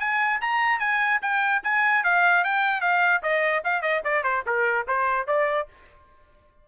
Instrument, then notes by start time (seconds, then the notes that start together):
trumpet
0.00 G#5
0.41 A#5
0.80 G#5
1.22 G5
1.64 G#5
2.04 F5
2.45 G5
2.81 F5
3.23 D#5
3.64 F5
3.82 D#5
4.05 D5
4.24 C5
4.46 A#4
4.88 C5
5.27 D5